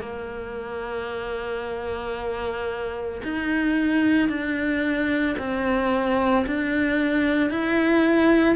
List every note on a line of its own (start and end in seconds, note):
0.00 3.21 A#3
3.23 4.29 D#4
4.29 5.36 D4
5.38 6.45 C4
6.46 7.50 D4
7.50 8.56 E4